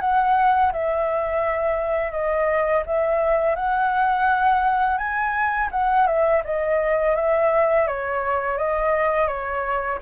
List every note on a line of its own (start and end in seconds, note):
0.00 0.71 F#5
0.72 2.11 E5
2.11 2.82 D#5
2.86 3.55 E5
3.55 4.97 F#5
4.97 5.69 G#5
5.71 6.06 F#5
6.06 6.42 E5
6.44 7.15 D#5
7.15 7.87 E5
7.87 8.57 C#5
8.57 9.27 D#5
9.27 9.98 C#5